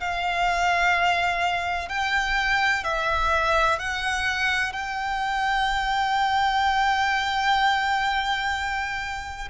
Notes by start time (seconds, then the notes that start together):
0.00 F5
1.88 G5
2.84 E5
3.79 F#5
4.72 G5